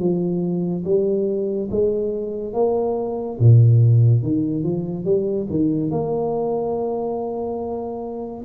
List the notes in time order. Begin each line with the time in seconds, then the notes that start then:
0.00 F3
0.85 G3
1.71 G#3
2.54 A#3
3.40 A#2
4.23 D#3
4.64 F3
5.05 G3
5.50 D#3
5.91 A#3